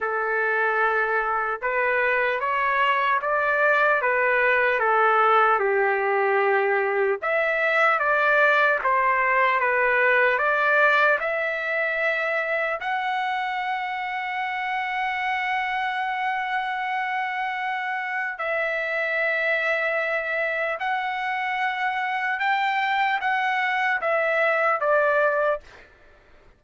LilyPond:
\new Staff \with { instrumentName = "trumpet" } { \time 4/4 \tempo 4 = 75 a'2 b'4 cis''4 | d''4 b'4 a'4 g'4~ | g'4 e''4 d''4 c''4 | b'4 d''4 e''2 |
fis''1~ | fis''2. e''4~ | e''2 fis''2 | g''4 fis''4 e''4 d''4 | }